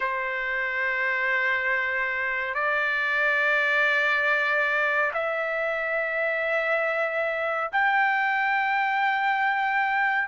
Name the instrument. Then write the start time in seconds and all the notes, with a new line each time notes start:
trumpet
0.00 C5
2.54 D5
5.14 E5
7.72 G5